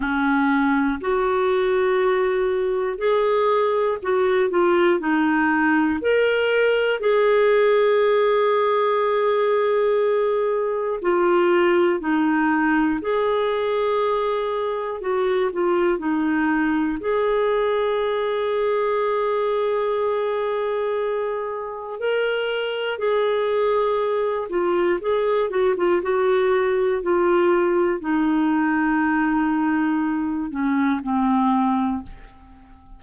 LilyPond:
\new Staff \with { instrumentName = "clarinet" } { \time 4/4 \tempo 4 = 60 cis'4 fis'2 gis'4 | fis'8 f'8 dis'4 ais'4 gis'4~ | gis'2. f'4 | dis'4 gis'2 fis'8 f'8 |
dis'4 gis'2.~ | gis'2 ais'4 gis'4~ | gis'8 f'8 gis'8 fis'16 f'16 fis'4 f'4 | dis'2~ dis'8 cis'8 c'4 | }